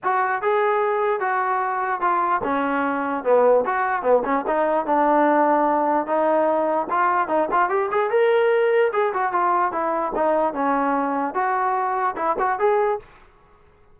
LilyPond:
\new Staff \with { instrumentName = "trombone" } { \time 4/4 \tempo 4 = 148 fis'4 gis'2 fis'4~ | fis'4 f'4 cis'2 | b4 fis'4 b8 cis'8 dis'4 | d'2. dis'4~ |
dis'4 f'4 dis'8 f'8 g'8 gis'8 | ais'2 gis'8 fis'8 f'4 | e'4 dis'4 cis'2 | fis'2 e'8 fis'8 gis'4 | }